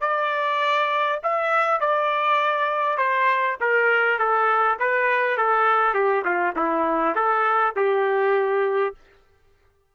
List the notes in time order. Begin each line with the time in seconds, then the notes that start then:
0.00 D5
1.23 E5
1.80 D5
2.97 C5
3.60 A#4
4.18 A4
4.79 B4
5.37 A4
5.94 G4
6.24 F4
6.55 E4
7.15 A4
7.76 G4